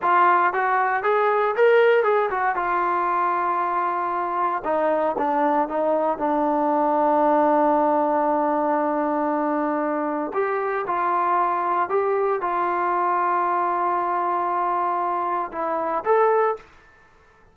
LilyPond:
\new Staff \with { instrumentName = "trombone" } { \time 4/4 \tempo 4 = 116 f'4 fis'4 gis'4 ais'4 | gis'8 fis'8 f'2.~ | f'4 dis'4 d'4 dis'4 | d'1~ |
d'1 | g'4 f'2 g'4 | f'1~ | f'2 e'4 a'4 | }